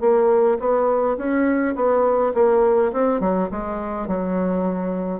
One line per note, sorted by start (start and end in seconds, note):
0.00 0.58 A#3
0.59 1.17 B3
1.17 1.75 C#4
1.75 2.33 B3
2.34 2.92 A#3
2.93 3.20 C4
3.20 3.49 F#3
3.51 4.07 G#3
4.07 5.20 F#3